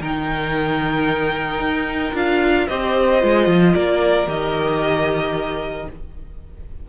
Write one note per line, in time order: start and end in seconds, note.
0.00 1.59 D#3
0.00 2.14 D#4
0.00 2.68 A#4
0.00 2.16 G5
1.59 2.12 D#4
2.13 2.67 D4
2.13 2.68 F4
2.13 2.67 F5
2.67 3.23 C4
2.67 3.20 G4
2.67 3.73 C5
2.67 3.74 D#5
3.20 3.47 G#3
3.20 4.26 F4
3.47 3.74 F3
3.73 4.26 A#3
3.73 5.87 A#4
3.73 4.28 D5
4.26 5.87 D#3
4.26 5.87 G4
4.26 5.89 D#5